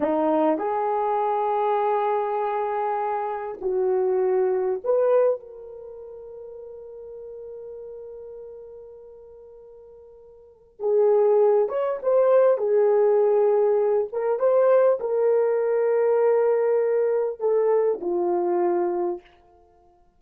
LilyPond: \new Staff \with { instrumentName = "horn" } { \time 4/4 \tempo 4 = 100 dis'4 gis'2.~ | gis'2 fis'2 | b'4 ais'2.~ | ais'1~ |
ais'2 gis'4. cis''8 | c''4 gis'2~ gis'8 ais'8 | c''4 ais'2.~ | ais'4 a'4 f'2 | }